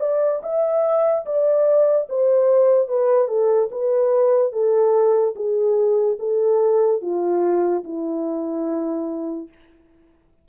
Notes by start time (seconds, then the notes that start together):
0.00 D5
0.43 E5
1.26 D5
2.10 C5
2.88 B4
3.28 A4
3.71 B4
4.52 A4
5.36 G#4
6.19 A4
7.02 F4
7.84 E4